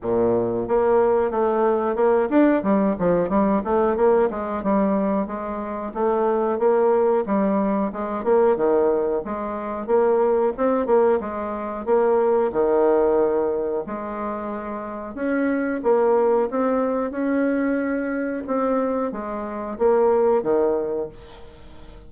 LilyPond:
\new Staff \with { instrumentName = "bassoon" } { \time 4/4 \tempo 4 = 91 ais,4 ais4 a4 ais8 d'8 | g8 f8 g8 a8 ais8 gis8 g4 | gis4 a4 ais4 g4 | gis8 ais8 dis4 gis4 ais4 |
c'8 ais8 gis4 ais4 dis4~ | dis4 gis2 cis'4 | ais4 c'4 cis'2 | c'4 gis4 ais4 dis4 | }